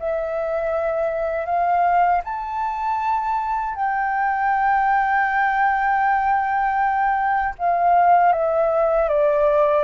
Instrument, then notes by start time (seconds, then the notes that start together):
flute
0.00 E5
1.46 F5
2.25 A5
3.75 G5
7.59 F5
8.33 E5
9.09 D5